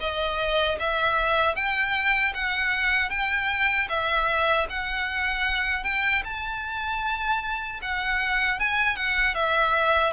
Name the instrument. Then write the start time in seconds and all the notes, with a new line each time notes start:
violin
0.00 D#5
0.79 E5
1.55 G5
2.34 F#5
3.10 G5
3.89 E5
4.69 F#5
5.83 G5
6.24 A5
7.82 F#5
8.59 G#5
8.96 F#5
9.34 E5